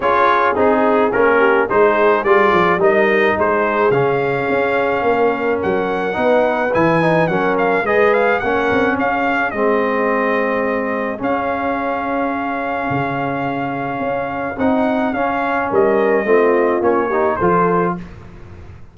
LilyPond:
<<
  \new Staff \with { instrumentName = "trumpet" } { \time 4/4 \tempo 4 = 107 cis''4 gis'4 ais'4 c''4 | d''4 dis''4 c''4 f''4~ | f''2 fis''2 | gis''4 fis''8 f''8 dis''8 f''8 fis''4 |
f''4 dis''2. | f''1~ | f''2 fis''4 f''4 | dis''2 cis''4 c''4 | }
  \new Staff \with { instrumentName = "horn" } { \time 4/4 gis'2~ gis'8 g'8 gis'4~ | gis'4 ais'4 gis'2~ | gis'4 ais'2 b'4~ | b'4 ais'4 b'4 ais'4 |
gis'1~ | gis'1~ | gis'1 | ais'4 f'4. g'8 a'4 | }
  \new Staff \with { instrumentName = "trombone" } { \time 4/4 f'4 dis'4 cis'4 dis'4 | f'4 dis'2 cis'4~ | cis'2. dis'4 | e'8 dis'8 cis'4 gis'4 cis'4~ |
cis'4 c'2. | cis'1~ | cis'2 dis'4 cis'4~ | cis'4 c'4 cis'8 dis'8 f'4 | }
  \new Staff \with { instrumentName = "tuba" } { \time 4/4 cis'4 c'4 ais4 gis4 | g8 f8 g4 gis4 cis4 | cis'4 ais4 fis4 b4 | e4 fis4 gis4 ais8 c'8 |
cis'4 gis2. | cis'2. cis4~ | cis4 cis'4 c'4 cis'4 | g4 a4 ais4 f4 | }
>>